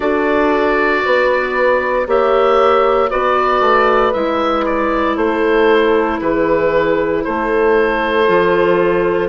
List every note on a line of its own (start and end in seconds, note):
0.00 1.03 D4
0.00 2.05 F#4
0.00 1.03 A4
0.00 2.06 D5
1.05 2.06 B3
1.05 2.07 B4
2.06 3.10 A#3
2.06 3.09 G4
2.06 3.10 C#5
2.06 3.10 E5
3.09 3.60 B3
3.09 4.12 F#4
3.09 5.16 B4
3.09 4.13 D5
3.60 4.12 A3
4.13 5.16 G#3
4.13 8.27 E4
4.13 4.64 E5
4.65 5.17 D5
5.16 6.20 A3
5.16 6.20 A4
5.16 6.20 C5
6.20 7.24 E3
6.20 7.25 G#4
6.20 7.23 B4
7.23 8.28 A3
7.23 9.28 A4
7.23 9.28 C5
8.27 9.28 F3
8.27 9.28 F4